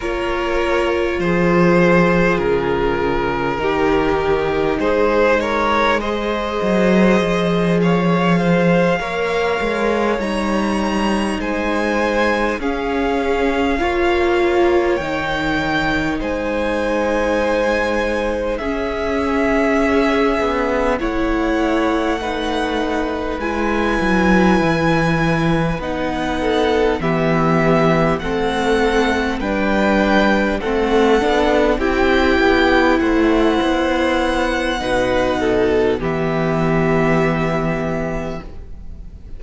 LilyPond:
<<
  \new Staff \with { instrumentName = "violin" } { \time 4/4 \tempo 4 = 50 cis''4 c''4 ais'2 | c''8 cis''8 dis''4. f''4.~ | f''8 ais''4 gis''4 f''4.~ | f''8 g''4 gis''2 e''8~ |
e''4. fis''2 gis''8~ | gis''4. fis''4 e''4 fis''8~ | fis''8 g''4 fis''4 g''4 fis''8~ | fis''2 e''2 | }
  \new Staff \with { instrumentName = "violin" } { \time 4/4 ais'4 gis'2 g'4 | gis'8 ais'8 c''4. cis''8 c''8 cis''8~ | cis''4. c''4 gis'4 cis''8~ | cis''4. c''2 gis'8~ |
gis'4. cis''4 b'4.~ | b'2 a'8 g'4 a'8~ | a'8 b'4 a'4 g'4 c''8~ | c''4 b'8 a'8 g'2 | }
  \new Staff \with { instrumentName = "viola" } { \time 4/4 f'2. dis'4~ | dis'4 gis'2~ gis'8 ais'8~ | ais'8 dis'2 cis'4 f'8~ | f'8 dis'2. cis'8~ |
cis'4. e'4 dis'4 e'8~ | e'4. dis'4 b4 c'8~ | c'8 d'4 c'8 d'8 e'4.~ | e'4 dis'4 b2 | }
  \new Staff \with { instrumentName = "cello" } { \time 4/4 ais4 f4 cis4 dis4 | gis4. fis8 f4. ais8 | gis8 g4 gis4 cis'4 ais8~ | ais8 dis4 gis2 cis'8~ |
cis'4 b8 a2 gis8 | fis8 e4 b4 e4 a8~ | a8 g4 a8 b8 c'8 b8 a8 | b4 b,4 e2 | }
>>